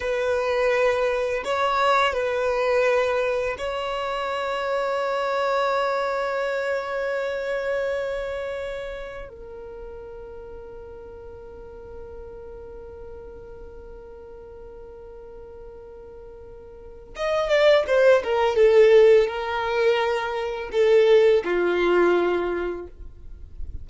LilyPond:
\new Staff \with { instrumentName = "violin" } { \time 4/4 \tempo 4 = 84 b'2 cis''4 b'4~ | b'4 cis''2.~ | cis''1~ | cis''4 ais'2.~ |
ais'1~ | ais'1 | dis''8 d''8 c''8 ais'8 a'4 ais'4~ | ais'4 a'4 f'2 | }